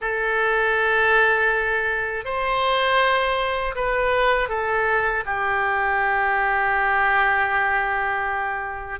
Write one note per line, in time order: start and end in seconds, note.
0.01 2.24 A4
2.24 3.74 C5
3.75 4.48 B4
4.48 5.23 A4
5.25 8.99 G4